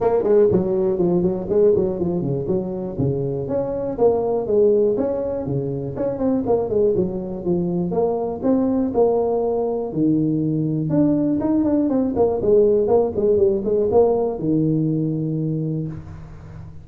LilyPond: \new Staff \with { instrumentName = "tuba" } { \time 4/4 \tempo 4 = 121 ais8 gis8 fis4 f8 fis8 gis8 fis8 | f8 cis8 fis4 cis4 cis'4 | ais4 gis4 cis'4 cis4 | cis'8 c'8 ais8 gis8 fis4 f4 |
ais4 c'4 ais2 | dis2 d'4 dis'8 d'8 | c'8 ais8 gis4 ais8 gis8 g8 gis8 | ais4 dis2. | }